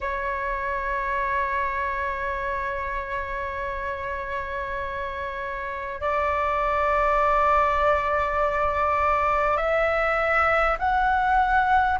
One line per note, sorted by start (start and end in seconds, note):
0.00 6.00 C#5
6.01 9.57 D5
9.57 10.77 E5
10.78 11.98 F#5